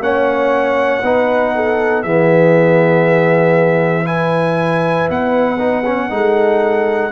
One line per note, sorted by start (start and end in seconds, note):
0.00 1.02 A#3
0.00 1.03 C#4
0.00 1.03 C#5
0.00 2.03 F#5
1.03 2.04 B3
1.03 2.06 D#4
1.03 1.54 B4
1.56 2.03 A4
2.03 5.10 E3
2.03 4.05 B3
2.03 4.07 G#4
2.03 4.06 E5
4.05 5.57 E4
4.05 6.11 B4
4.05 5.08 G#5
5.10 6.10 B3
5.10 7.12 F#5
5.58 5.84 D#4
5.85 6.10 C#4
6.10 7.12 G#3
6.10 7.11 D#4
6.10 7.12 A4